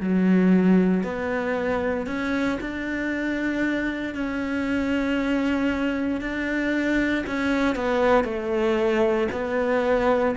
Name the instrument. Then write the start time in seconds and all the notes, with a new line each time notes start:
cello
0.00 F#3
1.03 B3
2.07 C#4
2.61 D4
4.14 C#4
6.21 D4
7.26 C#4
7.75 B3
8.24 A3
9.32 B3